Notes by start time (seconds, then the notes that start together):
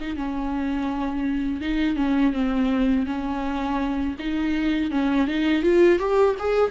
0.00 D#4
0.16 C#4
1.61 D#4
1.96 C#4
2.33 C4
3.06 C#4
4.19 D#4
4.91 C#4
5.27 D#4
5.62 F4
5.99 G4
6.39 G#4